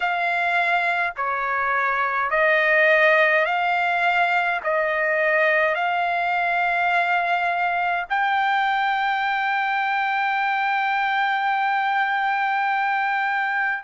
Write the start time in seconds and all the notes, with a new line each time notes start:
0.00 F5
1.16 C#5
2.30 D#5
3.45 F5
4.63 D#5
5.74 F5
8.09 G5